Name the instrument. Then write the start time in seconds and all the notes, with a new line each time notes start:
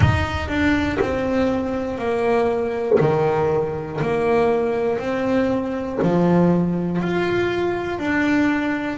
double bass
0.00 D#4
0.48 D4
1.00 C4
1.98 A#3
3.00 D#3
4.00 A#3
4.99 C4
6.02 F3
7.01 F4
7.98 D4